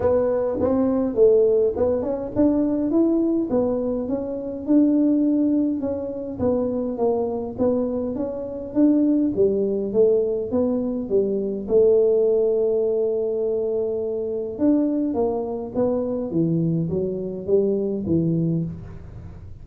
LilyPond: \new Staff \with { instrumentName = "tuba" } { \time 4/4 \tempo 4 = 103 b4 c'4 a4 b8 cis'8 | d'4 e'4 b4 cis'4 | d'2 cis'4 b4 | ais4 b4 cis'4 d'4 |
g4 a4 b4 g4 | a1~ | a4 d'4 ais4 b4 | e4 fis4 g4 e4 | }